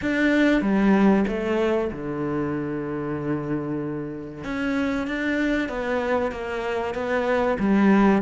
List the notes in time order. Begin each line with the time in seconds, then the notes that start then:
0.01 D4
0.61 G3
1.27 A3
1.91 D3
4.44 C#4
5.07 D4
5.68 B3
6.31 A#3
6.94 B3
7.59 G3